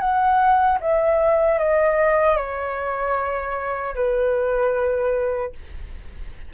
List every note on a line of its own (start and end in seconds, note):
0.00 0.79 F#5
0.81 1.59 E5
1.59 2.37 D#5
2.37 3.95 C#5
3.95 5.53 B4